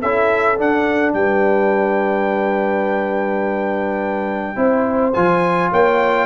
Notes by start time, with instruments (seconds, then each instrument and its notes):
0.00 tuba C#4, trombone E4, horn A4, trumpet E5
0.56 trombone D4, tuba D4, trumpet F#5
1.13 tuba G3, horn B4, trumpet G5
4.56 tuba C4, trombone E4, horn C5
5.13 tuba F3, trombone F4, trumpet G#5
5.71 tuba A#3, horn C#5, trumpet G5